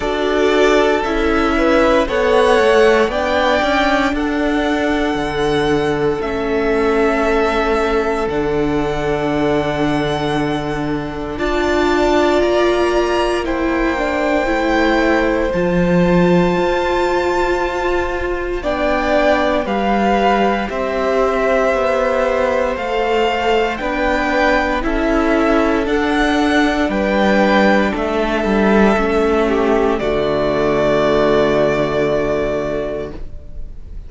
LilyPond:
<<
  \new Staff \with { instrumentName = "violin" } { \time 4/4 \tempo 4 = 58 d''4 e''4 fis''4 g''4 | fis''2 e''2 | fis''2. a''4 | ais''4 g''2 a''4~ |
a''2 g''4 f''4 | e''2 f''4 g''4 | e''4 fis''4 g''4 e''4~ | e''4 d''2. | }
  \new Staff \with { instrumentName = "violin" } { \time 4/4 a'4. b'8 cis''4 d''4 | a'1~ | a'2. d''4~ | d''4 c''2.~ |
c''2 d''4 b'4 | c''2. b'4 | a'2 b'4 a'4~ | a'8 g'8 fis'2. | }
  \new Staff \with { instrumentName = "viola" } { \time 4/4 fis'4 e'4 a'4 d'4~ | d'2 cis'2 | d'2. f'4~ | f'4 e'8 d'8 e'4 f'4~ |
f'2 d'4 g'4~ | g'2 a'4 d'4 | e'4 d'2. | cis'4 a2. | }
  \new Staff \with { instrumentName = "cello" } { \time 4/4 d'4 cis'4 b8 a8 b8 cis'8 | d'4 d4 a2 | d2. d'4 | ais2 a4 f4 |
f'2 b4 g4 | c'4 b4 a4 b4 | cis'4 d'4 g4 a8 g8 | a4 d2. | }
>>